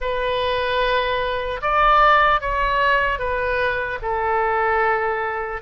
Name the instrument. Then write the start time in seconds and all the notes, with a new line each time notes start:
oboe
0.00 B4
1.61 D5
2.40 C#5
3.18 B4
4.02 A4